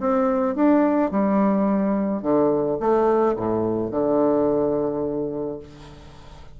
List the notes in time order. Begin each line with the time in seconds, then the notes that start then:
0.00 C4
0.55 D4
1.11 G3
2.22 D3
2.79 A3
3.36 A2
3.91 D3